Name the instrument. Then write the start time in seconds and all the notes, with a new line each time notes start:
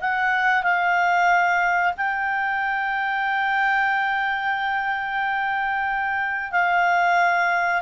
clarinet
0.00 F#5
0.63 F5
1.97 G5
6.51 F5